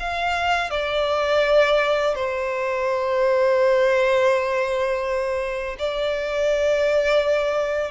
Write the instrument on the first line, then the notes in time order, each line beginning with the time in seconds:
violin
0.00 F5
0.71 D5
2.16 C5
5.79 D5